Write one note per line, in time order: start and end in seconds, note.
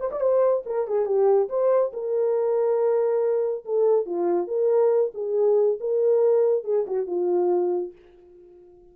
0.00 0.11 C5
0.11 0.21 D5
0.21 0.64 C5
0.66 0.87 A#4
0.88 1.06 G#4
1.06 1.49 G4
1.49 1.92 C5
1.93 3.64 A#4
3.65 4.06 A4
4.06 4.47 F4
4.47 5.12 A#4
5.14 5.79 G#4
5.80 6.64 A#4
6.64 6.86 G#4
6.87 7.07 F#4
7.07 7.92 F4